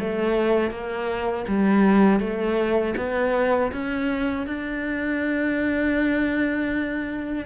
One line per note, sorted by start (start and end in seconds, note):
0.00 0.71 A3
0.71 1.46 A#3
1.48 2.20 G3
2.20 2.95 A3
2.97 3.72 B3
3.72 4.47 C#4
4.47 7.46 D4